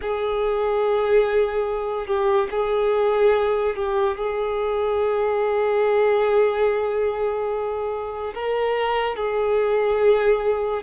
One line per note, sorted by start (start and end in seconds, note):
0.02 2.06 G#4
2.06 2.48 G4
2.50 3.75 G#4
3.75 4.17 G4
4.17 8.33 G#4
8.34 9.16 A#4
9.16 10.83 G#4